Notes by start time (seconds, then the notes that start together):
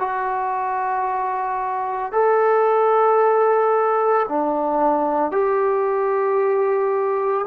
0.00 F#4
2.12 A4
4.29 D4
5.32 G4